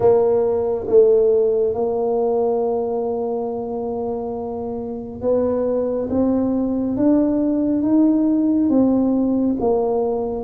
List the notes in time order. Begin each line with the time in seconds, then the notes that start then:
0.00 A#3
0.87 A3
1.74 A#3
5.21 B3
6.10 C4
6.96 D4
7.82 D#4
8.69 C4
9.60 A#3